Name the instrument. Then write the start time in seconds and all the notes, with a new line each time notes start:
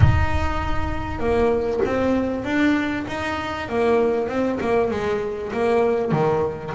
double bass
0.00 D#4
1.19 A#3
1.85 C4
2.44 D4
3.07 D#4
3.68 A#3
4.28 C4
4.60 A#3
4.90 G#3
5.52 A#3
6.11 D#3